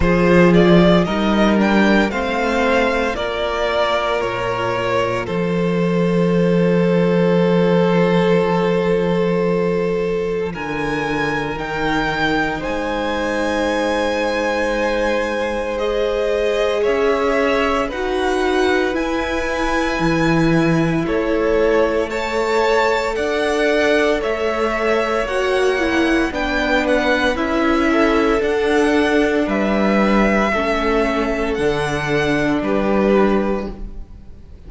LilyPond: <<
  \new Staff \with { instrumentName = "violin" } { \time 4/4 \tempo 4 = 57 c''8 d''8 dis''8 g''8 f''4 d''4 | cis''4 c''2.~ | c''2 gis''4 g''4 | gis''2. dis''4 |
e''4 fis''4 gis''2 | cis''4 a''4 fis''4 e''4 | fis''4 g''8 fis''8 e''4 fis''4 | e''2 fis''4 b'4 | }
  \new Staff \with { instrumentName = "violin" } { \time 4/4 gis'4 ais'4 c''4 ais'4~ | ais'4 a'2.~ | a'2 ais'2 | c''1 |
cis''4 b'2. | a'4 cis''4 d''4 cis''4~ | cis''4 b'4. a'4. | b'4 a'2 g'4 | }
  \new Staff \with { instrumentName = "viola" } { \time 4/4 f'4 dis'8 d'8 c'4 f'4~ | f'1~ | f'2. dis'4~ | dis'2. gis'4~ |
gis'4 fis'4 e'2~ | e'4 a'2. | fis'8 e'8 d'4 e'4 d'4~ | d'4 cis'4 d'2 | }
  \new Staff \with { instrumentName = "cello" } { \time 4/4 f4 g4 a4 ais4 | ais,4 f2.~ | f2 d4 dis4 | gis1 |
cis'4 dis'4 e'4 e4 | a2 d'4 a4 | ais4 b4 cis'4 d'4 | g4 a4 d4 g4 | }
>>